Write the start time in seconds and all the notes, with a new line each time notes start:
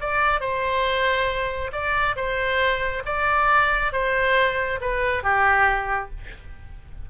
0.00 D5
0.40 C5
1.72 D5
2.16 C5
3.05 D5
3.92 C5
4.80 B4
5.23 G4